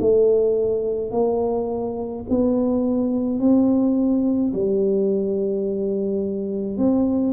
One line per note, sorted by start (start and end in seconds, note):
0.00 1.11 A3
1.11 2.24 A#3
2.30 3.39 B3
3.39 4.52 C4
4.54 6.78 G3
6.78 7.33 C4